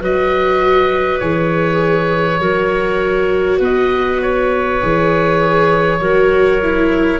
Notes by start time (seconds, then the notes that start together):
0.00 F#3 F#4 B4 D#5
1.19 E3 G#4 C#5
2.40 F#3 F#4 A#4
3.58 B3 B4
3.64 D#5
4.22 C#5
4.80 E3 G#4
6.00 F#3 F#4 A#4
6.62 E4